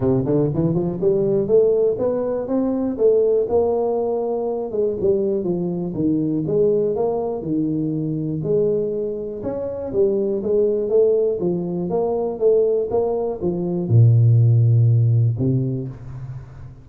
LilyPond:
\new Staff \with { instrumentName = "tuba" } { \time 4/4 \tempo 4 = 121 c8 d8 e8 f8 g4 a4 | b4 c'4 a4 ais4~ | ais4. gis8 g4 f4 | dis4 gis4 ais4 dis4~ |
dis4 gis2 cis'4 | g4 gis4 a4 f4 | ais4 a4 ais4 f4 | ais,2. c4 | }